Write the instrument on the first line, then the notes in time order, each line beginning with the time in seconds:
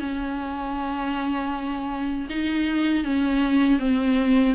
viola
0.00 C#4
2.30 D#4
3.05 C#4
3.79 C4